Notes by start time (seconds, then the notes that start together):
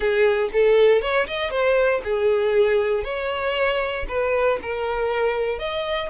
0.00 G#4
0.52 A4
1.01 C#5
1.27 D#5
1.50 C5
2.03 G#4
3.04 C#5
4.08 B4
4.61 A#4
5.58 D#5